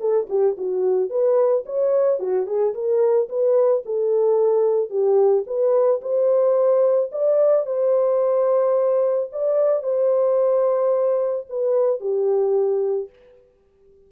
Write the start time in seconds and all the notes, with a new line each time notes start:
0.00 A4
0.29 G4
0.57 F#4
1.09 B4
1.65 C#5
2.19 F#4
2.46 G#4
2.74 A#4
3.29 B4
3.85 A4
4.90 G4
5.46 B4
6.01 C5
7.11 D5
7.66 C5
9.32 D5
9.83 C5
11.49 B4
12.00 G4